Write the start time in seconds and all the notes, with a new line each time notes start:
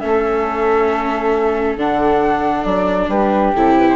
0.00 A3 C#4 A4 E5
1.77 D3 D4 F#5
2.65 F#3 D5
3.08 G3 G4 B4
3.55 C3 E4 A4
3.78 B4
3.89 C5